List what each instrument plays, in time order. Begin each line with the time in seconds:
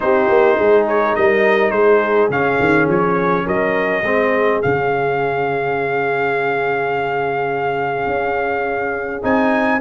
0.00 tuba C4, trombone D#4, horn G4, trumpet C5
0.28 tuba A#3
0.57 tuba G#3, horn G#4
0.87 trumpet C#5
1.15 tuba G3, horn A#4, trumpet D#5
1.70 tuba G#3, horn G#4, trumpet C5
2.29 tuba C#3, trombone C#4, trumpet F5
2.59 tuba D#3
2.87 tuba F3, trumpet C#5
3.46 tuba F#3, horn A#4, trumpet D#5
4.02 tuba G#3, trombone C4, horn G#4
4.61 tuba C#3, trombone C#4, trumpet F5
8.06 tuba C#4
9.22 tuba C4, trombone D#4, trumpet G#5